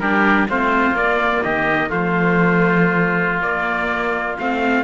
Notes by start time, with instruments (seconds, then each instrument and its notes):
0.00 cello G3, viola D4, oboe G4, trumpet A#4
0.49 cello A3, viola C4, oboe F4, trumpet C5
0.91 cello A#3, viola A#3, trumpet D5
1.43 cello D#3, oboe G4, trumpet D#5
1.89 cello F3, viola A3, oboe F4, trumpet C5
3.41 viola A#3, cello A#3, trumpet D5
4.39 cello A3, viola C4, trumpet F5